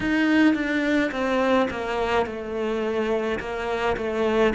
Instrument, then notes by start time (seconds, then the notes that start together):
cello
0.00 D#4
0.54 D4
1.11 C4
1.70 A#3
2.26 A3
3.40 A#3
3.96 A3